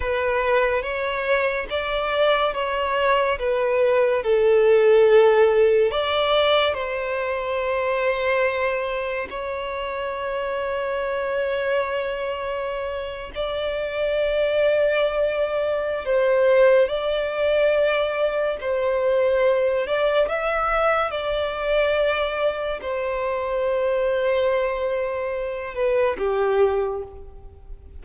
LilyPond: \new Staff \with { instrumentName = "violin" } { \time 4/4 \tempo 4 = 71 b'4 cis''4 d''4 cis''4 | b'4 a'2 d''4 | c''2. cis''4~ | cis''2.~ cis''8. d''16~ |
d''2. c''4 | d''2 c''4. d''8 | e''4 d''2 c''4~ | c''2~ c''8 b'8 g'4 | }